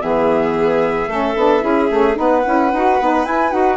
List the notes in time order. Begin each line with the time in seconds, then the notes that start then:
0.00 E3 B3 G#4 E5
1.07 A3 C#4 A4
1.35 B3 D4
1.62 C#4 E4 G#4
1.90 A3 C#4
2.15 B3 D#4 B4 F#5
2.44 C#4 E4
2.72 D#4 F#4
3.00 B3 D#4
3.25 E4 G#5
3.51 D#4 F#4 F#5